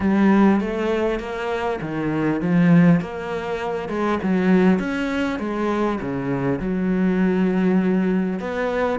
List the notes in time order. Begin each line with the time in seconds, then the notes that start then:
0.00 G3
0.60 A3
1.19 A#3
1.81 D#3
2.41 F3
3.00 A#3
3.88 G#3
4.22 F#3
4.79 C#4
5.39 G#3
6.00 C#3
6.59 F#3
8.39 B3